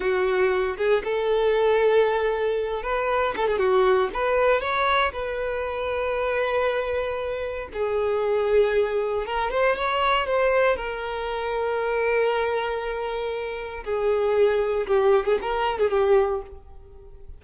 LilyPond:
\new Staff \with { instrumentName = "violin" } { \time 4/4 \tempo 4 = 117 fis'4. gis'8 a'2~ | a'4. b'4 a'16 gis'16 fis'4 | b'4 cis''4 b'2~ | b'2. gis'4~ |
gis'2 ais'8 c''8 cis''4 | c''4 ais'2.~ | ais'2. gis'4~ | gis'4 g'8. gis'16 ais'8. gis'16 g'4 | }